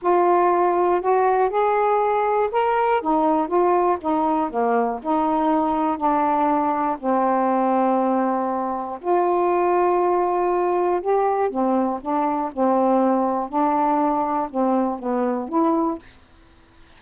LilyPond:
\new Staff \with { instrumentName = "saxophone" } { \time 4/4 \tempo 4 = 120 f'2 fis'4 gis'4~ | gis'4 ais'4 dis'4 f'4 | dis'4 ais4 dis'2 | d'2 c'2~ |
c'2 f'2~ | f'2 g'4 c'4 | d'4 c'2 d'4~ | d'4 c'4 b4 e'4 | }